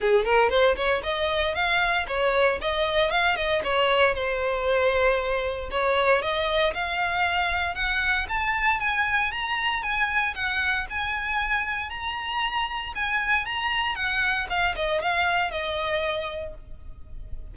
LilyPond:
\new Staff \with { instrumentName = "violin" } { \time 4/4 \tempo 4 = 116 gis'8 ais'8 c''8 cis''8 dis''4 f''4 | cis''4 dis''4 f''8 dis''8 cis''4 | c''2. cis''4 | dis''4 f''2 fis''4 |
a''4 gis''4 ais''4 gis''4 | fis''4 gis''2 ais''4~ | ais''4 gis''4 ais''4 fis''4 | f''8 dis''8 f''4 dis''2 | }